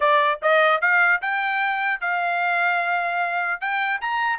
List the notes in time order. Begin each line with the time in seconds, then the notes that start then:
0.00 D5
0.42 D#5
0.81 F5
1.21 G5
2.00 F5
3.61 G5
4.01 A#5